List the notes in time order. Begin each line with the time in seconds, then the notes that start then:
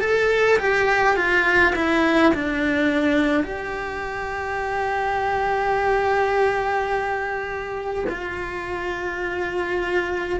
0.00 A4
0.58 G4
1.16 F4
1.75 E4
2.33 D4
3.43 G4
8.09 F4